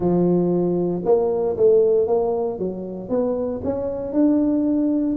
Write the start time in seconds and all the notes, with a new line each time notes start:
0.00 F3
1.04 A#3
1.57 A3
2.07 A#3
2.59 F#3
3.09 B3
3.64 C#4
4.12 D4